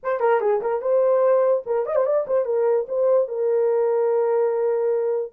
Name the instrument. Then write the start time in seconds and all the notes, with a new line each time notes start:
horn
0.03 C5
0.19 A#4
0.40 G#4
0.61 A#4
0.81 C5
1.66 A#4
1.85 D#5
1.95 C5
2.05 D5
2.27 C5
2.45 A#4
2.88 C5
3.28 A#4